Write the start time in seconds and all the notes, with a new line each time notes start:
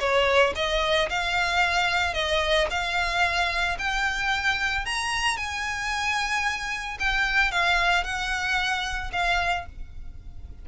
0.00 C#5
0.56 D#5
1.10 F5
2.14 D#5
2.71 F5
3.79 G5
4.85 A#5
5.37 G#5
6.99 G5
7.51 F5
8.04 F#5
9.12 F5